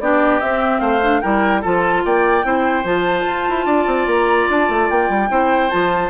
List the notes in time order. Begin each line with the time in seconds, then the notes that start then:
0.00 B3 D4 G4 D5
0.41 C4 E5
0.80 A3 C5 F5
1.02 D4
1.21 G3 E4 A#4 G5
1.61 F3 F4 A4 A5
2.05 A#3 D5 G5
2.43 C4 E4 C5
2.84 F3 F4 A5
3.27 F4
3.49 E4
3.65 D4 D5
3.86 C4
4.06 A#3 A#5
4.50 D4 A5
4.69 A3
4.90 A#3 G5
5.09 G3
5.29 C4 E4 C5
5.70 F3 F4 A5